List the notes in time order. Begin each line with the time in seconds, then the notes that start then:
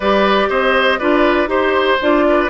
0.00 G3 G4 B4 D5
0.49 C4 C5 D#5
0.98 D4 F4 B4 D5
1.47 D#4 G4 C5
2.01 D4 F4 D5
2.28 B4